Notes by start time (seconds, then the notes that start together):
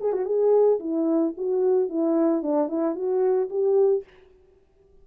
0.00 G#4
0.12 F#4
0.25 G#4
0.79 E4
1.37 F#4
1.89 E4
2.42 D4
2.68 E4
2.95 F#4
3.49 G4